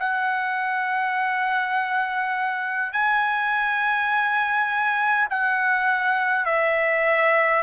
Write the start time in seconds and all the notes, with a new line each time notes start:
0.00 F#5
2.93 G#5
5.30 F#5
6.46 E5